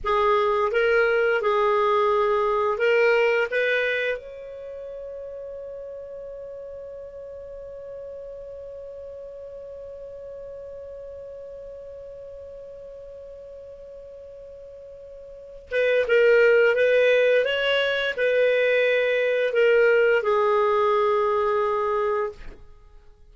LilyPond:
\new Staff \with { instrumentName = "clarinet" } { \time 4/4 \tempo 4 = 86 gis'4 ais'4 gis'2 | ais'4 b'4 cis''2~ | cis''1~ | cis''1~ |
cis''1~ | cis''2~ cis''8 b'8 ais'4 | b'4 cis''4 b'2 | ais'4 gis'2. | }